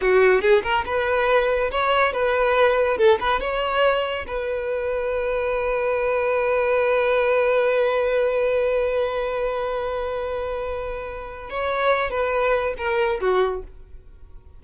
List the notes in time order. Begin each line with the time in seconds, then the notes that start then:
0.01 F#4
0.41 G#4
0.63 A#4
0.85 B4
1.71 C#5
2.13 B4
2.97 A4
3.19 B4
3.40 C#5
4.27 B4
11.50 C#5
12.10 B4
12.77 A#4
13.20 F#4